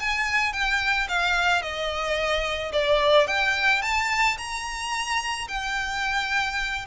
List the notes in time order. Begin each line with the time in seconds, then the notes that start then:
0.00 G#5
0.53 G5
1.09 F5
1.62 D#5
2.73 D5
3.28 G5
3.83 A5
4.38 A#5
5.49 G5